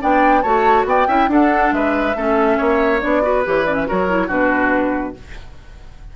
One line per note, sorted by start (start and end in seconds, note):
0.00 0.44 B3
0.00 0.43 D4
0.00 0.42 D5
0.00 0.42 G5
0.42 0.85 A3
0.42 1.08 F#4
0.42 0.85 C#5
0.42 0.85 A5
0.85 1.07 B3
0.85 1.08 D5
0.85 1.31 G5
1.08 1.28 C#4
1.08 1.29 E4
1.08 1.29 E5
1.28 1.71 D4
1.28 2.15 D4
1.28 1.75 A4
1.28 1.73 F#5
1.72 2.15 G#3
1.72 2.17 B4
1.72 3.01 E5
2.15 2.58 A3
2.15 3.01 C#4
2.15 2.58 A4
2.58 3.03 A#3
2.58 3.22 C#5
3.01 3.46 B3
3.01 3.22 D4
3.01 3.44 D5
3.22 3.44 F#4
3.22 3.88 B4
3.44 3.90 E3
3.44 3.66 G4
3.44 3.65 C#5
3.65 3.87 C#4
3.65 3.74 D5
3.74 3.85 E5
3.87 4.29 F#3
3.87 4.08 F#4
3.87 4.27 A#4
3.87 4.30 C#5
4.09 4.29 E4
4.27 5.15 B2
4.27 5.14 D4
4.27 5.13 F#4
4.27 5.16 B4